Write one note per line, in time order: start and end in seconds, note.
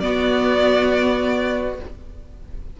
0.00 1.78 B3
0.00 1.79 B3
0.00 1.80 F#4
0.00 1.76 D5